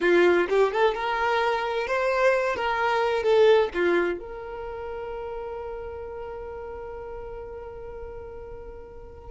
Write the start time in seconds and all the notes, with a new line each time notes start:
0.00 F4
0.49 G4
0.72 A4
0.94 A#4
1.87 C5
2.56 A#4
3.23 A4
3.74 F4
4.19 A#4